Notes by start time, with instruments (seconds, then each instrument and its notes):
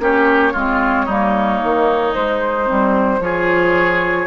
0.00 bassoon A#3, clarinet C#4, oboe G4, flute C#5
0.54 bassoon G#3, clarinet C4, oboe F4
1.06 bassoon G3, clarinet A#3, oboe D#4
1.64 bassoon D#3
2.13 clarinet G#3, bassoon G#3, flute C5
2.67 bassoon G3, clarinet C4
3.20 bassoon F3, clarinet F4, oboe G#4, flute C#5